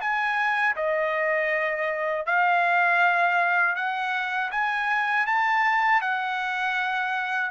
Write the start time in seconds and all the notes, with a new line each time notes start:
0.00 G#5
0.75 D#5
2.26 F5
3.75 F#5
4.51 G#5
5.26 A5
6.01 F#5